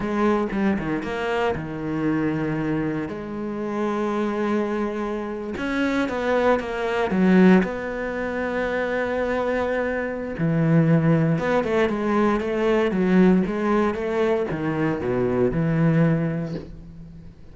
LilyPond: \new Staff \with { instrumentName = "cello" } { \time 4/4 \tempo 4 = 116 gis4 g8 dis8 ais4 dis4~ | dis2 gis2~ | gis2~ gis8. cis'4 b16~ | b8. ais4 fis4 b4~ b16~ |
b1 | e2 b8 a8 gis4 | a4 fis4 gis4 a4 | dis4 b,4 e2 | }